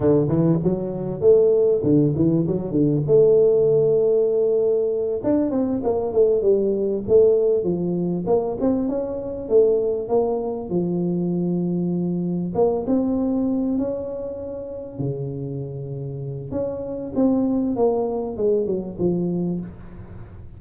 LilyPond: \new Staff \with { instrumentName = "tuba" } { \time 4/4 \tempo 4 = 98 d8 e8 fis4 a4 d8 e8 | fis8 d8 a2.~ | a8 d'8 c'8 ais8 a8 g4 a8~ | a8 f4 ais8 c'8 cis'4 a8~ |
a8 ais4 f2~ f8~ | f8 ais8 c'4. cis'4.~ | cis'8 cis2~ cis8 cis'4 | c'4 ais4 gis8 fis8 f4 | }